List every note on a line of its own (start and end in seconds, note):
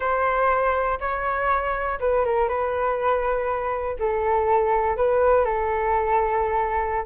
0.00 0.98 C5
1.00 1.99 C#5
2.00 2.24 B4
2.24 2.48 A#4
2.48 3.97 B4
3.99 4.97 A4
4.97 5.44 B4
5.44 7.05 A4